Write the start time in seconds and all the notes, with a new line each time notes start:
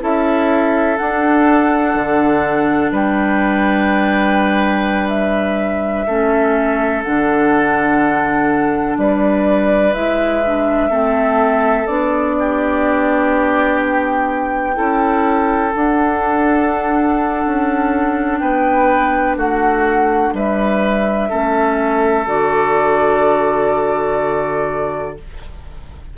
0.00 C#4 E4 A4 E5
0.98 D4 F#5
1.95 D3
2.92 G3 B4 G5
5.09 E5
6.07 A3 C#4 A4
7.03 D3 D4 F#5
8.98 G3 B4 D5
9.94 G#3 E4 E5
10.45 D4
10.90 A3 C4 A4
11.87 B3 D4 D5
12.40 G4
13.81 G5
14.75 C#4 E4 A4
15.73 D4 F#5
17.46 C#4
18.39 B3 B4 G5
19.37 A3 F#4 F#5
20.33 G3 B4 E5
21.30 A3 C#4 A4
22.27 D3 F#4 D5